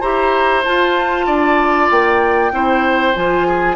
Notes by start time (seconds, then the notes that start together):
0.00 E4 G4 C5 A#5
0.64 F4 A5
1.26 D4 D5
1.90 A#3 G5
2.52 C4 E4 C5
3.14 F3 F4 G#5
3.47 G#4